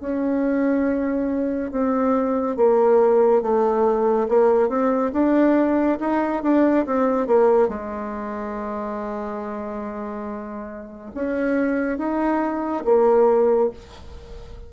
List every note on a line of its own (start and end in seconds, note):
0.00 1.71 C#4
1.71 2.57 C4
2.57 3.42 A#3
3.42 4.28 A3
4.29 4.69 A#3
4.69 5.12 C4
5.13 5.99 D4
6.00 6.43 D#4
6.43 6.86 D4
6.86 7.27 C4
7.27 7.69 A#3
7.69 11.12 G#3
11.15 11.98 C#4
11.98 12.84 D#4
12.85 13.71 A#3